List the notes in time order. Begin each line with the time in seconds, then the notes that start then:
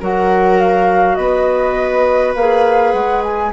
0.00 F#3 F#4 A#4 F#5
0.60 F5
1.15 B3 B4 D#5
2.35 A#3 G#4 F5
2.92 G#3 F#5
3.23 G#5